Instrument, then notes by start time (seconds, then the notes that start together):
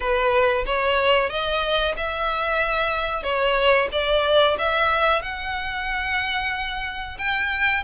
violin
0.00 B4
0.66 C#5
1.29 D#5
1.96 E5
3.23 C#5
3.92 D5
4.58 E5
5.22 F#5
7.18 G5